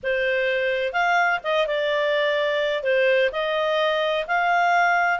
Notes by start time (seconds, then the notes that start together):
0.03 C5
0.92 F5
1.43 D#5
1.67 D5
2.83 C5
3.32 D#5
4.27 F5